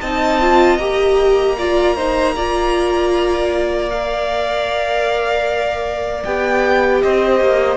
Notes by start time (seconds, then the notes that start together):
0.00 C4 D#4 D#5 A5
0.41 F4
0.78 A#3 G4 A#5
1.58 F4 D5
1.96 D#4 C5
2.35 F4 D5
3.90 A#4 F5
6.24 B3 G4 G5
7.02 C4 C5 D#5
7.41 A#3